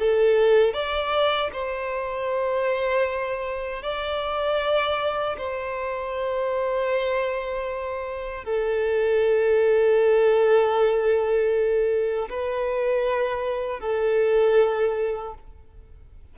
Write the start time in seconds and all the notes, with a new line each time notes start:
0.00 A4
0.74 D5
1.53 C5
3.83 D5
5.38 C5
8.45 A4
12.30 B4
13.80 A4